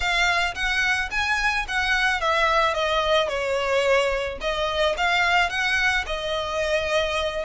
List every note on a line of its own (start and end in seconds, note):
0.00 0.54 F5
0.54 1.09 F#5
1.10 1.65 G#5
1.67 2.20 F#5
2.20 2.74 E5
2.74 3.28 D#5
3.28 4.38 C#5
4.40 4.95 D#5
4.97 5.49 F5
5.49 6.04 F#5
6.06 7.44 D#5